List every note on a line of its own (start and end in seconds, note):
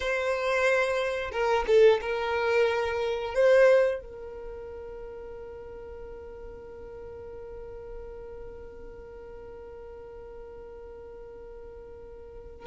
0.00 1.31 C5
1.32 1.65 A#4
1.67 2.00 A4
2.01 3.34 A#4
3.34 4.01 C5
4.01 12.66 A#4